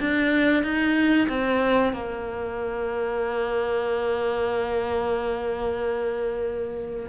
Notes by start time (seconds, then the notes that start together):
0.00 D4
0.64 D#4
1.29 C4
1.93 A#3